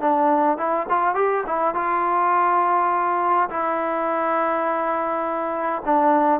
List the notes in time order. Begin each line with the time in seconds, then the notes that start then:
0.00 D4
0.57 E4
0.89 F4
1.15 G4
1.46 E4
1.74 F4
3.49 E4
5.85 D4